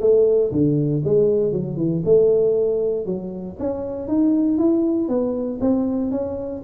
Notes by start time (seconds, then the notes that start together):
0.00 A3
0.51 D3
1.04 G#3
1.52 F#3
1.76 E3
2.04 A3
3.05 F#3
3.59 C#4
4.07 D#4
4.58 E4
5.08 B3
5.60 C4
6.11 C#4